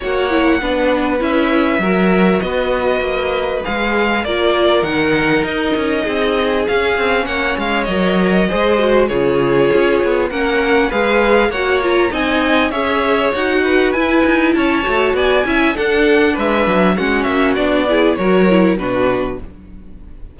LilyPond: <<
  \new Staff \with { instrumentName = "violin" } { \time 4/4 \tempo 4 = 99 fis''2 e''2 | dis''2 f''4 d''4 | fis''4 dis''2 f''4 | fis''8 f''8 dis''2 cis''4~ |
cis''4 fis''4 f''4 fis''8 ais''8 | gis''4 e''4 fis''4 gis''4 | a''4 gis''4 fis''4 e''4 | fis''8 e''8 d''4 cis''4 b'4 | }
  \new Staff \with { instrumentName = "violin" } { \time 4/4 cis''4 b'2 ais'4 | b'2. ais'4~ | ais'2 gis'2 | cis''2 c''4 gis'4~ |
gis'4 ais'4 b'4 cis''4 | dis''4 cis''4. b'4. | cis''4 d''8 e''8 a'4 b'4 | fis'4. gis'8 ais'4 fis'4 | }
  \new Staff \with { instrumentName = "viola" } { \time 4/4 fis'8 e'8 d'4 e'4 fis'4~ | fis'2 gis'4 f'4 | dis'2. cis'4~ | cis'4 ais'4 gis'8 fis'8 f'4~ |
f'4 cis'4 gis'4 fis'8 f'8 | dis'4 gis'4 fis'4 e'4~ | e'8 fis'4 e'8 d'2 | cis'4 d'8 e'8 fis'8 e'8 d'4 | }
  \new Staff \with { instrumentName = "cello" } { \time 4/4 ais4 b4 cis'4 fis4 | b4 ais4 gis4 ais4 | dis4 dis'8 cis'8 c'4 cis'8 c'8 | ais8 gis8 fis4 gis4 cis4 |
cis'8 b8 ais4 gis4 ais4 | c'4 cis'4 dis'4 e'8 dis'8 | cis'8 a8 b8 cis'8 d'4 gis8 fis8 | gis8 ais8 b4 fis4 b,4 | }
>>